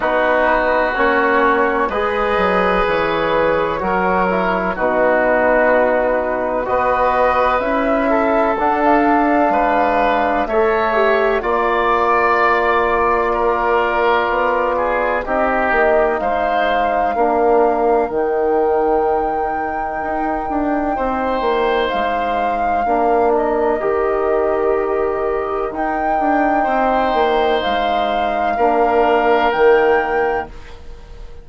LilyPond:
<<
  \new Staff \with { instrumentName = "flute" } { \time 4/4 \tempo 4 = 63 b'4 cis''4 dis''4 cis''4~ | cis''4 b'2 dis''4 | e''4 fis''16 f''4.~ f''16 e''4 | d''1 |
dis''4 f''2 g''4~ | g''2. f''4~ | f''8 dis''2~ dis''8 g''4~ | g''4 f''2 g''4 | }
  \new Staff \with { instrumentName = "oboe" } { \time 4/4 fis'2 b'2 | ais'4 fis'2 b'4~ | b'8 a'4. b'4 cis''4 | d''2 ais'4. gis'8 |
g'4 c''4 ais'2~ | ais'2 c''2 | ais'1 | c''2 ais'2 | }
  \new Staff \with { instrumentName = "trombone" } { \time 4/4 dis'4 cis'4 gis'2 | fis'8 e'8 dis'2 fis'4 | e'4 d'2 a'8 g'8 | f'1 |
dis'2 d'4 dis'4~ | dis'1 | d'4 g'2 dis'4~ | dis'2 d'4 ais4 | }
  \new Staff \with { instrumentName = "bassoon" } { \time 4/4 b4 ais4 gis8 fis8 e4 | fis4 b,2 b4 | cis'4 d'4 gis4 a4 | ais2. b4 |
c'8 ais8 gis4 ais4 dis4~ | dis4 dis'8 d'8 c'8 ais8 gis4 | ais4 dis2 dis'8 d'8 | c'8 ais8 gis4 ais4 dis4 | }
>>